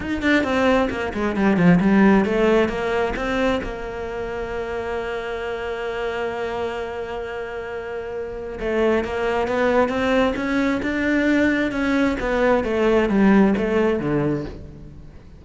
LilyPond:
\new Staff \with { instrumentName = "cello" } { \time 4/4 \tempo 4 = 133 dis'8 d'8 c'4 ais8 gis8 g8 f8 | g4 a4 ais4 c'4 | ais1~ | ais1~ |
ais2. a4 | ais4 b4 c'4 cis'4 | d'2 cis'4 b4 | a4 g4 a4 d4 | }